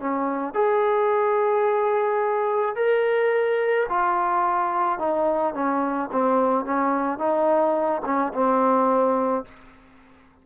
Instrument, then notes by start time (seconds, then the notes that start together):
trombone
0.00 C#4
0.54 G#4
2.76 A#4
3.89 F4
4.99 D#4
5.54 C#4
6.12 C4
6.65 C#4
7.18 D#4
8.05 C#4
8.34 C4